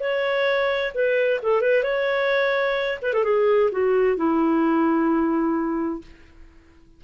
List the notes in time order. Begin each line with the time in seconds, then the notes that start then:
0.00 C#5
0.94 B4
1.42 A4
1.61 B4
1.83 C#5
3.02 B4
3.13 A4
3.24 G#4
3.72 F#4
4.17 E4